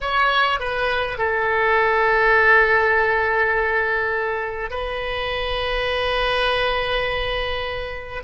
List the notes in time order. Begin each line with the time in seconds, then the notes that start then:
0.00 C#5
0.59 B4
1.18 A4
4.70 B4